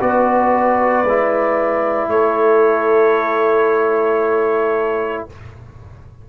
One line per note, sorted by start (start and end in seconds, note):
0.00 1.04 B3
0.00 1.05 F#4
0.00 2.10 B4
0.00 2.10 D5
1.04 2.09 G#3
1.04 5.29 E4
2.09 5.25 A3
2.09 5.26 A4
2.09 5.26 C#5